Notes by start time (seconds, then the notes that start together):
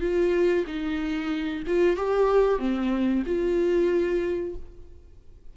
0.00 F4
0.67 D#4
1.67 F4
1.96 G4
2.59 C4
3.26 F4